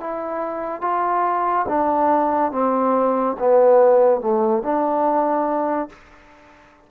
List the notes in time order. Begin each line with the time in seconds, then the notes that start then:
0.00 E4
0.81 F4
1.68 D4
2.52 C4
3.39 B3
4.21 A3
4.63 D4